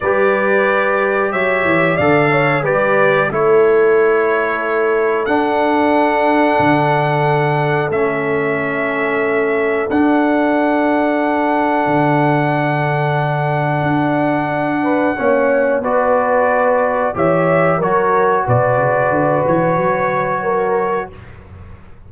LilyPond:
<<
  \new Staff \with { instrumentName = "trumpet" } { \time 4/4 \tempo 4 = 91 d''2 e''4 f''4 | d''4 cis''2. | fis''1 | e''2. fis''4~ |
fis''1~ | fis''1 | d''2 e''4 cis''4 | d''4. cis''2~ cis''8 | }
  \new Staff \with { instrumentName = "horn" } { \time 4/4 b'2 cis''4 d''8 cis''8 | b'4 a'2.~ | a'1~ | a'1~ |
a'1~ | a'2~ a'8 b'8 cis''4 | b'2 cis''4 ais'4 | b'2. ais'4 | }
  \new Staff \with { instrumentName = "trombone" } { \time 4/4 g'2. a'4 | g'4 e'2. | d'1 | cis'2. d'4~ |
d'1~ | d'2. cis'4 | fis'2 g'4 fis'4~ | fis'1 | }
  \new Staff \with { instrumentName = "tuba" } { \time 4/4 g2 fis8 e8 d4 | g4 a2. | d'2 d2 | a2. d'4~ |
d'2 d2~ | d4 d'2 ais4 | b2 e4 fis4 | b,8 cis8 d8 e8 fis2 | }
>>